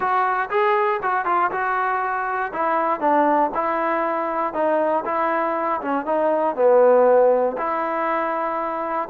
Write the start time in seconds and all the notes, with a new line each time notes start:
0.00 F#4
0.50 G#4
1.02 F#4
1.25 F4
1.51 F#4
2.52 E4
3.00 D4
3.54 E4
4.53 D#4
5.05 E4
5.81 C#4
6.05 D#4
6.55 B3
7.57 E4